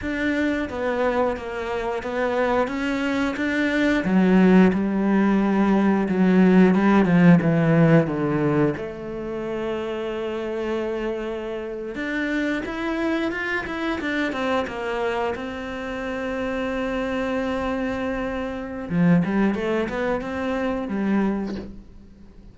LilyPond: \new Staff \with { instrumentName = "cello" } { \time 4/4 \tempo 4 = 89 d'4 b4 ais4 b4 | cis'4 d'4 fis4 g4~ | g4 fis4 g8 f8 e4 | d4 a2.~ |
a4.~ a16 d'4 e'4 f'16~ | f'16 e'8 d'8 c'8 ais4 c'4~ c'16~ | c'1 | f8 g8 a8 b8 c'4 g4 | }